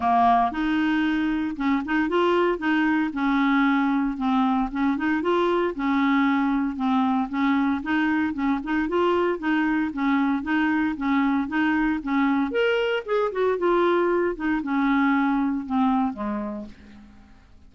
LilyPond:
\new Staff \with { instrumentName = "clarinet" } { \time 4/4 \tempo 4 = 115 ais4 dis'2 cis'8 dis'8 | f'4 dis'4 cis'2 | c'4 cis'8 dis'8 f'4 cis'4~ | cis'4 c'4 cis'4 dis'4 |
cis'8 dis'8 f'4 dis'4 cis'4 | dis'4 cis'4 dis'4 cis'4 | ais'4 gis'8 fis'8 f'4. dis'8 | cis'2 c'4 gis4 | }